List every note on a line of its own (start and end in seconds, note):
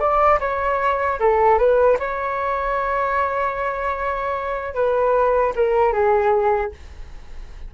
0.00 0.39 D5
0.40 1.19 C#5
1.19 1.58 A4
1.58 1.98 B4
2.00 4.75 C#5
4.75 5.54 B4
5.56 5.93 A#4
5.93 6.72 G#4